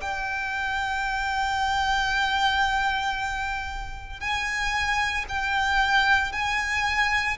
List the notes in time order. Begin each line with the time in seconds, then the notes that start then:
0.00 G5
4.20 G#5
5.28 G5
6.32 G#5